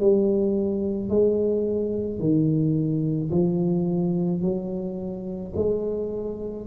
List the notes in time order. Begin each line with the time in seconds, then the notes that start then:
0.00 G3
1.10 G#3
2.20 D#3
3.31 F3
4.42 F#3
5.56 G#3